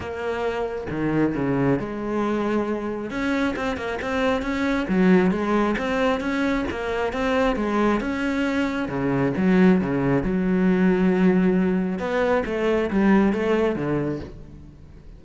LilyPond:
\new Staff \with { instrumentName = "cello" } { \time 4/4 \tempo 4 = 135 ais2 dis4 cis4 | gis2. cis'4 | c'8 ais8 c'4 cis'4 fis4 | gis4 c'4 cis'4 ais4 |
c'4 gis4 cis'2 | cis4 fis4 cis4 fis4~ | fis2. b4 | a4 g4 a4 d4 | }